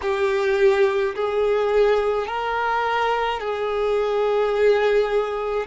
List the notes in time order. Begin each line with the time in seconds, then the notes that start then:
0.01 G4
1.15 G#4
2.27 A#4
3.40 G#4